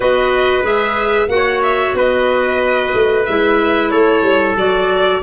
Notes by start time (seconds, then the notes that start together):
0.00 B3 F#4 B4 D#5
0.62 G#3 G#4 E5
1.28 A#3 F#4 F#5
1.35 C#5
1.62 E5
1.94 B3 B4 D#5
2.93 A3
3.25 G#3 E4 E5
3.90 A3 A4 C#5
4.22 G3
4.55 F#3 F#4 D5